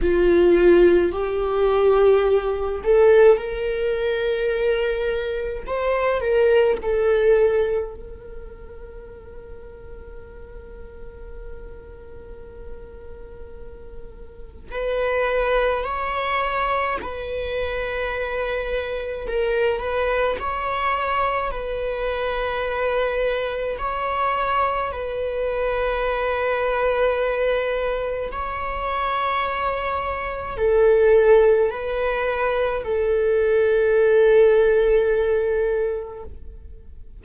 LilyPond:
\new Staff \with { instrumentName = "viola" } { \time 4/4 \tempo 4 = 53 f'4 g'4. a'8 ais'4~ | ais'4 c''8 ais'8 a'4 ais'4~ | ais'1~ | ais'4 b'4 cis''4 b'4~ |
b'4 ais'8 b'8 cis''4 b'4~ | b'4 cis''4 b'2~ | b'4 cis''2 a'4 | b'4 a'2. | }